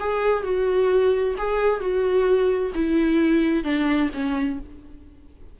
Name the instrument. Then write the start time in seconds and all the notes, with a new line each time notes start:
viola
0.00 G#4
0.44 F#4
1.38 G#4
1.80 F#4
2.75 E4
3.64 D4
4.14 C#4